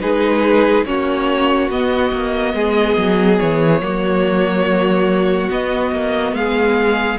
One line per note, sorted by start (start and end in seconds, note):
0.00 0.85 G#3
0.00 0.85 D#4
0.00 0.87 G#4
0.00 0.85 B4
0.85 1.69 A#3
0.85 1.70 C#4
0.85 2.54 F#4
0.85 1.70 C#5
1.69 2.11 B3
1.69 3.81 B3
1.69 3.39 D#5
2.12 2.54 A#3
2.54 2.96 G#3
2.54 3.81 G#4
2.97 3.39 F#3
3.39 3.81 E3
3.39 5.50 C#5
3.81 5.50 F#3
3.81 5.49 A#3
3.81 6.37 F#4
5.49 7.18 B3
5.49 5.91 B3
5.49 6.35 D#5
5.91 6.32 A#3
6.32 7.17 G#3
6.32 7.19 G#4
6.32 7.19 F5